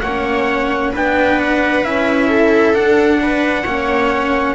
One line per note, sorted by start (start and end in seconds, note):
0.00 0.94 A#3
0.00 0.95 C#4
0.00 0.91 C#5
0.00 0.91 F#5
0.91 1.84 B3
0.91 1.84 D4
0.91 2.27 B4
0.91 1.40 G5
1.40 1.84 F#5
1.84 2.74 C#4
1.84 2.73 E4
1.84 2.74 E5
2.27 3.18 A4
2.73 3.64 D4
2.73 3.65 D4
2.73 4.55 F#5
3.22 3.63 B4
3.63 4.55 A#3
3.63 4.55 C#4
3.63 4.54 C#5